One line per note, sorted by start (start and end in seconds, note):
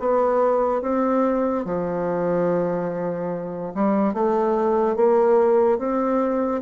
0.00 0.82 B3
0.82 1.65 C4
1.65 3.73 F3
3.75 4.14 G3
4.14 4.97 A3
4.97 5.79 A#3
5.79 6.62 C4